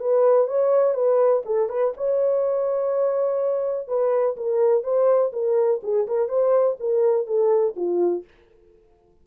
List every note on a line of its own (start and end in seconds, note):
0.00 0.48 B4
0.48 0.95 C#5
0.95 1.43 B4
1.46 1.69 A4
1.69 1.94 B4
1.97 3.88 C#5
3.88 4.37 B4
4.37 4.84 A#4
4.84 5.32 C5
5.32 5.81 A#4
5.83 6.07 G#4
6.07 6.29 A#4
6.29 6.77 C5
6.80 7.26 A#4
7.26 7.75 A4
7.76 8.25 F4